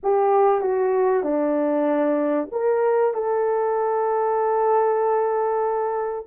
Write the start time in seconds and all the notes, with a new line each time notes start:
0.03 G4
0.61 F#4
1.23 D4
2.51 A#4
3.14 A4